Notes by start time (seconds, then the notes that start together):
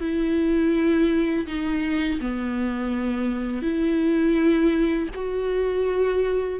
0.00 E4
1.47 D#4
2.21 B3
3.62 E4
5.15 F#4